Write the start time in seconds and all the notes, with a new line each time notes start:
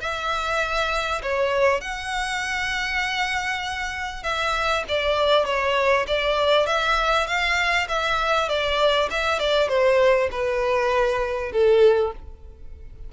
0.00 E5
1.22 C#5
1.80 F#5
4.23 E5
4.88 D5
5.45 C#5
6.07 D5
6.66 E5
7.26 F5
7.88 E5
8.48 D5
9.10 E5
9.39 D5
9.68 C5
10.31 B4
11.52 A4